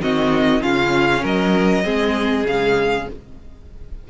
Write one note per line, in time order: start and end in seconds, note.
0.00 0.62 D#3
0.00 0.60 C4
0.00 0.61 F#4
0.00 0.62 D#5
0.60 1.23 C#3
0.60 1.84 C#4
0.60 1.22 F4
0.60 1.24 F5
1.22 1.84 F#3
1.22 1.83 A#4
1.22 2.47 D#5
1.84 2.44 G#3
1.84 2.45 C4
1.84 3.08 G#4
2.44 3.06 C#3
2.44 3.09 G#3
2.44 3.08 F5